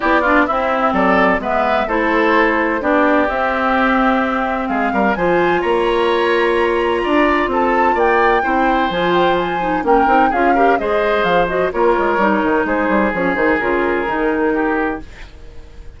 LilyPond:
<<
  \new Staff \with { instrumentName = "flute" } { \time 4/4 \tempo 4 = 128 d''4 e''4 d''4 e''4 | c''2 d''4 e''4~ | e''2 f''4 gis''4 | ais''1 |
a''4 g''2 gis''8 g''8 | gis''4 g''4 f''4 dis''4 | f''8 dis''8 cis''2 c''4 | cis''8 c''8 ais'2. | }
  \new Staff \with { instrumentName = "oboe" } { \time 4/4 g'8 f'8 e'4 a'4 b'4 | a'2 g'2~ | g'2 gis'8 ais'8 c''4 | cis''2. d''4 |
a'4 d''4 c''2~ | c''4 ais'4 gis'8 ais'8 c''4~ | c''4 ais'2 gis'4~ | gis'2. g'4 | }
  \new Staff \with { instrumentName = "clarinet" } { \time 4/4 e'8 d'8 c'2 b4 | e'2 d'4 c'4~ | c'2. f'4~ | f'1~ |
f'2 e'4 f'4~ | f'8 dis'8 cis'8 dis'8 f'8 g'8 gis'4~ | gis'8 fis'8 f'4 dis'2 | cis'8 dis'8 f'4 dis'2 | }
  \new Staff \with { instrumentName = "bassoon" } { \time 4/4 b4 c'4 fis4 gis4 | a2 b4 c'4~ | c'2 gis8 g8 f4 | ais2. d'4 |
c'4 ais4 c'4 f4~ | f4 ais8 c'8 cis'4 gis4 | f4 ais8 gis8 g8 dis8 gis8 g8 | f8 dis8 cis4 dis2 | }
>>